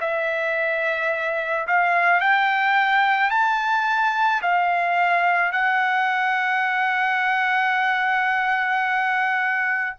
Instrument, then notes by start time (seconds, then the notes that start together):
trumpet
0.00 E5
1.67 F5
2.20 G5
3.30 A5
4.42 F5
5.52 F#5